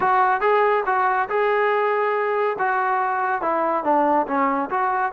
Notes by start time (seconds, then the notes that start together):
0.00 F#4
0.40 G#4
0.86 F#4
1.29 G#4
2.59 F#4
3.41 E4
3.84 D4
4.27 C#4
4.70 F#4